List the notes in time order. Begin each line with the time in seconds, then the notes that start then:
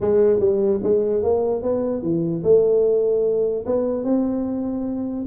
0.01 G#3
0.39 G3
0.83 G#3
1.22 A#3
1.62 B3
2.02 E3
2.43 A3
3.66 B3
4.04 C4